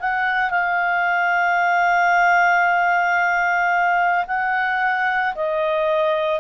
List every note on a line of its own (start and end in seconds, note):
0.00 0.51 F#5
0.51 4.26 F5
4.27 5.34 F#5
5.35 6.40 D#5